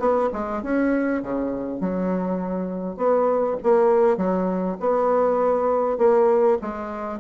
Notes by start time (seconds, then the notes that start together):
0.00 B3
0.33 G#3
0.63 C#4
1.23 C#3
1.81 F#3
2.97 B3
3.64 A#3
4.18 F#3
4.81 B3
5.98 A#3
6.62 G#3